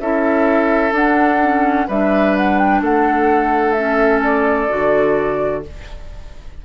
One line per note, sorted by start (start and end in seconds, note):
0.00 0.92 C#4
0.00 0.92 E4
0.00 1.88 A4
0.00 0.94 E5
0.92 1.39 D4
0.92 1.86 D4
0.92 1.89 F#5
1.42 1.89 C#4
1.88 2.82 G3
1.88 3.77 D4
1.88 2.81 B4
1.88 2.36 E5
2.37 2.59 F#5
2.59 2.82 G5
2.82 4.69 A3
2.82 5.64 A4
2.82 3.73 F#5
3.73 4.69 C#4
3.73 4.20 E5
4.23 5.64 D5
4.69 5.65 D3
4.69 5.63 F#4